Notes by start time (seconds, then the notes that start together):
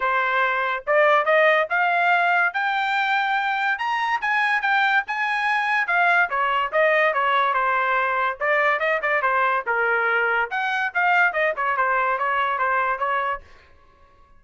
0.00 C5
0.86 D5
1.25 D#5
1.69 F5
2.53 G5
3.78 A#5
4.21 G#5
4.61 G5
5.07 G#5
5.87 F5
6.29 C#5
6.72 D#5
7.13 C#5
7.53 C5
8.40 D5
8.79 D#5
9.02 D5
9.22 C5
9.66 A#4
10.50 F#5
10.94 F5
11.32 D#5
11.56 C#5
11.76 C5
12.18 C#5
12.58 C5
12.98 C#5